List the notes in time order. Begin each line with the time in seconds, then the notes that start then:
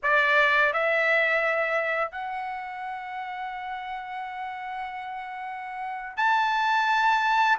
0.02 D5
0.73 E5
2.11 F#5
6.16 A5